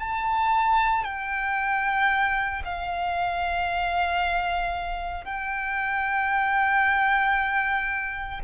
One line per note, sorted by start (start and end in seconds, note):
0.00 1.04 A5
1.04 2.62 G5
2.65 5.25 F5
5.25 8.41 G5